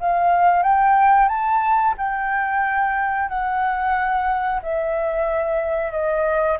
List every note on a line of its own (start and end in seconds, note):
0.00 0.63 F5
0.63 1.29 G5
1.29 1.95 A5
1.98 3.29 G5
3.29 4.61 F#5
4.62 5.92 E5
5.92 6.58 D#5